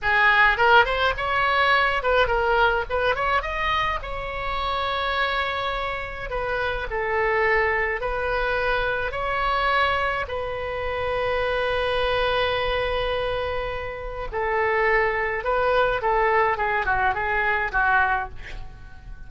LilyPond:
\new Staff \with { instrumentName = "oboe" } { \time 4/4 \tempo 4 = 105 gis'4 ais'8 c''8 cis''4. b'8 | ais'4 b'8 cis''8 dis''4 cis''4~ | cis''2. b'4 | a'2 b'2 |
cis''2 b'2~ | b'1~ | b'4 a'2 b'4 | a'4 gis'8 fis'8 gis'4 fis'4 | }